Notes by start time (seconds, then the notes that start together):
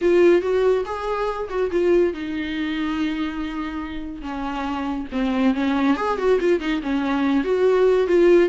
0.01 F4
0.41 F#4
0.85 G#4
1.49 F#4
1.71 F4
2.13 D#4
4.21 C#4
5.12 C4
5.54 C#4
5.96 G#4
6.17 F#4
6.40 F4
6.60 D#4
6.82 C#4
7.44 F#4
8.07 F4